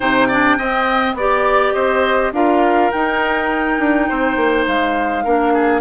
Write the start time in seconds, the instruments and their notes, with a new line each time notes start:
0.00 bassoon C3, clarinet D#4, oboe C5, flute G5
0.27 clarinet D4, oboe D5
0.58 clarinet C4, bassoon C4, oboe D#5
1.14 bassoon B3, clarinet G4, oboe D5, flute D5
1.73 bassoon C4, oboe C5, flute D#5
2.32 bassoon D4, clarinet F4, oboe A#4, flute F5
2.91 clarinet D#4, bassoon D#4, flute G5
3.79 bassoon D4
4.08 bassoon C4, oboe C5
4.36 bassoon A#3
4.66 bassoon G#3, flute F5
5.23 bassoon A#3, clarinet D4, oboe A#4
5.53 oboe G#4